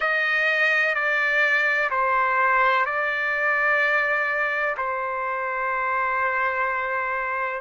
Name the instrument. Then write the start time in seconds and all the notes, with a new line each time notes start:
trumpet
0.00 D#5
0.94 D5
1.90 C5
2.85 D5
4.77 C5